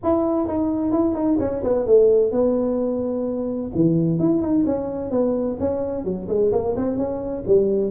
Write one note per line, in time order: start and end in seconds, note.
0.03 0.47 E4
0.47 0.92 D#4
0.92 1.14 E4
1.14 1.38 D#4
1.39 1.62 C#4
1.63 1.86 B3
1.86 2.31 A3
2.31 3.71 B3
3.74 4.19 E3
4.19 4.41 E4
4.41 4.64 D#4
4.66 5.10 C#4
5.10 5.57 B3
5.59 6.04 C#4
6.04 6.27 F#3
6.28 6.51 G#3
6.52 6.75 A#3
6.76 6.97 C4
6.97 7.43 C#4
7.46 7.90 G3